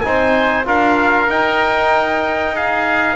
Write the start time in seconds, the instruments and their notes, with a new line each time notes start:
0.00 double bass C4, trombone D#4, oboe C5, trumpet G#5
0.64 double bass D4, trombone F4, oboe A#4, trumpet F5
1.27 trombone D#4, double bass D#4, trumpet G5
2.54 oboe G#4, trumpet F5